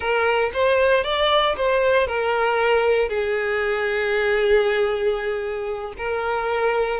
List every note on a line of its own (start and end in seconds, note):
0.00 0.51 A#4
0.53 1.03 C5
1.03 1.55 D5
1.57 2.07 C5
2.07 3.08 A#4
3.08 5.93 G#4
5.97 7.00 A#4